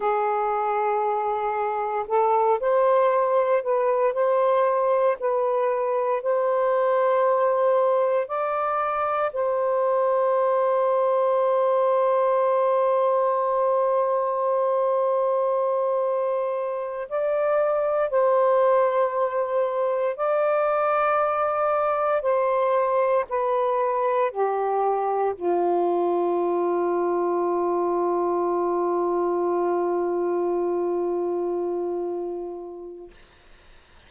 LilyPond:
\new Staff \with { instrumentName = "saxophone" } { \time 4/4 \tempo 4 = 58 gis'2 a'8 c''4 b'8 | c''4 b'4 c''2 | d''4 c''2.~ | c''1~ |
c''8 d''4 c''2 d''8~ | d''4. c''4 b'4 g'8~ | g'8 f'2.~ f'8~ | f'1 | }